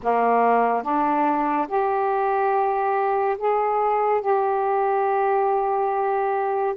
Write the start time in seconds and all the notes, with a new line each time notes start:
0.02 A#3
0.82 D4
1.68 G4
3.38 G#4
4.21 G4